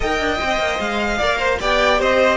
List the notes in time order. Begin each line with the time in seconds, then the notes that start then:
0.00 D#4 A#4 D#5 G5
0.19 D4
0.40 C4 C5
0.59 A#3
0.79 G#3 F5
1.18 A#3 A#4 D5
1.38 C5
1.60 B3 G4 D5 G5
1.99 C4 C5 D#5